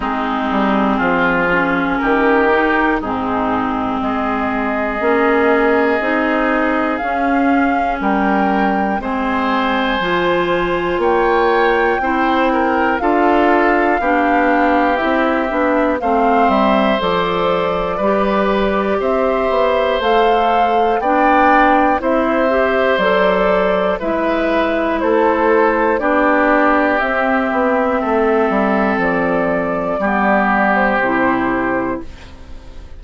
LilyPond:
<<
  \new Staff \with { instrumentName = "flute" } { \time 4/4 \tempo 4 = 60 gis'2 ais'4 gis'4 | dis''2. f''4 | g''4 gis''2 g''4~ | g''4 f''2 e''4 |
f''8 e''8 d''2 e''4 | f''4 g''4 e''4 d''4 | e''4 c''4 d''4 e''4~ | e''4 d''4.~ d''16 c''4~ c''16 | }
  \new Staff \with { instrumentName = "oboe" } { \time 4/4 dis'4 f'4 g'4 dis'4 | gis'1 | ais'4 c''2 cis''4 | c''8 ais'8 a'4 g'2 |
c''2 b'4 c''4~ | c''4 d''4 c''2 | b'4 a'4 g'2 | a'2 g'2 | }
  \new Staff \with { instrumentName = "clarinet" } { \time 4/4 c'4. cis'4 dis'8 c'4~ | c'4 cis'4 dis'4 cis'4~ | cis'4 c'4 f'2 | e'4 f'4 d'4 e'8 d'8 |
c'4 a'4 g'2 | a'4 d'4 e'8 g'8 a'4 | e'2 d'4 c'4~ | c'2 b4 e'4 | }
  \new Staff \with { instrumentName = "bassoon" } { \time 4/4 gis8 g8 f4 dis4 gis,4 | gis4 ais4 c'4 cis'4 | g4 gis4 f4 ais4 | c'4 d'4 b4 c'8 b8 |
a8 g8 f4 g4 c'8 b8 | a4 b4 c'4 fis4 | gis4 a4 b4 c'8 b8 | a8 g8 f4 g4 c4 | }
>>